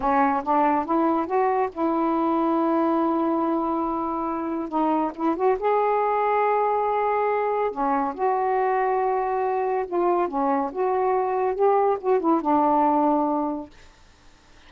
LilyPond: \new Staff \with { instrumentName = "saxophone" } { \time 4/4 \tempo 4 = 140 cis'4 d'4 e'4 fis'4 | e'1~ | e'2. dis'4 | e'8 fis'8 gis'2.~ |
gis'2 cis'4 fis'4~ | fis'2. f'4 | cis'4 fis'2 g'4 | fis'8 e'8 d'2. | }